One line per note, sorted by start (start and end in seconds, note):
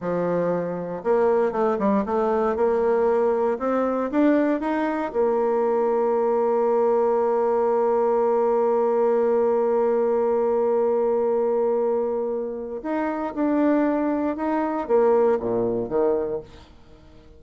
0.00 1.03 F3
1.03 1.52 A#3
1.52 1.77 A3
1.78 2.04 G3
2.05 2.55 A3
2.55 3.58 A#3
3.59 4.10 C4
4.11 4.60 D4
4.60 5.11 D#4
5.12 12.81 A#3
12.82 13.33 D#4
13.34 14.36 D4
14.36 14.87 D#4
14.87 15.38 A#3
15.39 15.88 A#2
15.88 16.40 D#3